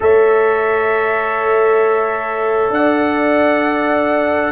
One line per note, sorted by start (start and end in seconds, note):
0.00 2.69 A3
0.00 4.52 A4
0.00 2.75 C#5
0.00 2.73 E5
2.69 4.51 D4
2.69 4.52 F#5
2.75 4.52 D5